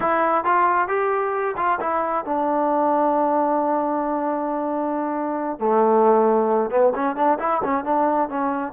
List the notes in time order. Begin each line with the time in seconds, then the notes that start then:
0.00 E4
0.44 F4
0.88 G4
1.57 F4
1.80 E4
2.25 D4
5.59 A3
6.70 B3
6.95 C#4
7.16 D4
7.39 E4
7.63 C#4
7.84 D4
8.29 C#4